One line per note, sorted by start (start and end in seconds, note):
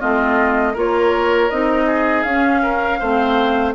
0.00 0.76 A3
0.00 0.75 C4
0.00 0.74 F4
0.00 0.76 D#5
0.74 1.51 A#3
0.74 1.51 F4
0.74 1.86 A#4
0.74 1.50 C#5
1.50 2.25 C4
1.50 2.26 D#4
1.50 2.23 D#5
1.87 2.62 G#4
2.23 3.00 C#4
2.23 3.03 C#4
2.23 3.73 F5
2.63 3.00 A#4
3.00 3.75 A3
3.00 3.75 C4
3.00 3.75 C5